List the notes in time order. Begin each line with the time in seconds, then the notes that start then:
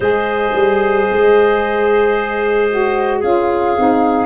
0.00 G#3 G#4 C5 D#5
0.54 G3
1.12 G#3
2.70 F#4
3.19 C#4 F4 G#4 F5
3.76 C4 D#4